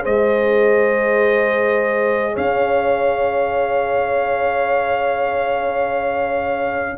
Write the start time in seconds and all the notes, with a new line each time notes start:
0.00 G#3 G#4 C5 D#5
2.33 C#4 C#5 F5